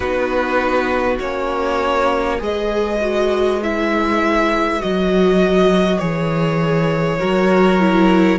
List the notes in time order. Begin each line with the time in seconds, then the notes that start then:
0.00 B3 D#4 F#4 B4
1.19 A#3 C#4 C#5
2.39 G#3 G#4 B4 D#5
3.00 F#4
3.62 E4 E5
4.80 F#3 F#4 D#5
5.99 E3 G#4 C#5
7.19 F#3 F#4 A#4
7.79 E4